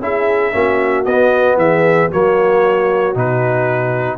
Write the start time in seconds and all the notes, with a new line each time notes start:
0.00 C#4 E4 G#4 E5
0.53 A#3 C#4 F#4
1.05 B3 D#5
1.57 E3 G#4 E5
2.10 F#3 A#3 F#4 C#5
3.15 B2 D#4 B4